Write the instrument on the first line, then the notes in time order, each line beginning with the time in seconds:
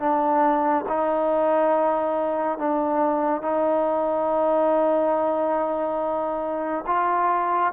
trombone
0.00 D4
0.89 D#4
2.59 D4
3.42 D#4
6.87 F4